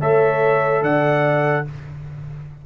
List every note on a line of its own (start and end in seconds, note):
0.00 0.82 A3
0.00 1.65 A4
0.00 0.82 C#5
0.00 0.83 E5
0.82 1.64 D3
0.82 1.65 D5
0.82 1.65 F#5